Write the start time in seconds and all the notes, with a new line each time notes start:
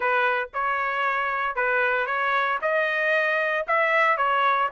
0.00 B4
0.53 C#5
1.55 B4
2.06 C#5
2.61 D#5
3.67 E5
4.17 C#5